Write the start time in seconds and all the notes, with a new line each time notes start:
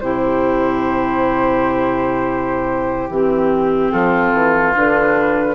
0.00 C3 E4 G4 C5
3.09 E3 C4 G4
3.91 F3 F4 A4
4.32 E3
4.74 D3 D4 B4